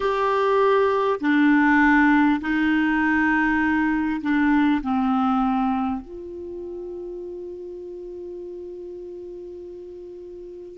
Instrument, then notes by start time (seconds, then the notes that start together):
clarinet
0.00 G4
1.20 D4
2.40 D#4
4.21 D4
4.82 C4
6.01 F4